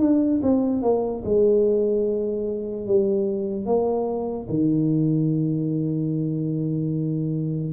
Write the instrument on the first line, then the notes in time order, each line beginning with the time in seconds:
tuba
0.00 D4
0.43 C4
0.82 A#3
1.25 G#3
2.87 G3
3.66 A#3
4.49 D#3